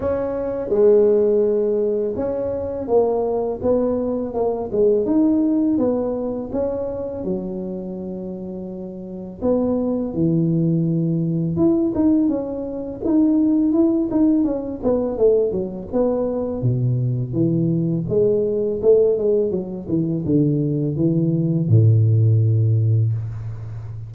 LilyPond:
\new Staff \with { instrumentName = "tuba" } { \time 4/4 \tempo 4 = 83 cis'4 gis2 cis'4 | ais4 b4 ais8 gis8 dis'4 | b4 cis'4 fis2~ | fis4 b4 e2 |
e'8 dis'8 cis'4 dis'4 e'8 dis'8 | cis'8 b8 a8 fis8 b4 b,4 | e4 gis4 a8 gis8 fis8 e8 | d4 e4 a,2 | }